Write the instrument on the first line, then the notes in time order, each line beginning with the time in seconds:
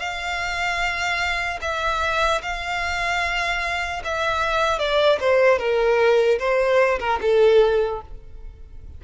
violin
0.00 F5
1.62 E5
2.43 F5
4.04 E5
4.80 D5
5.21 C5
5.59 A#4
6.39 C5
7.00 A#4
7.22 A4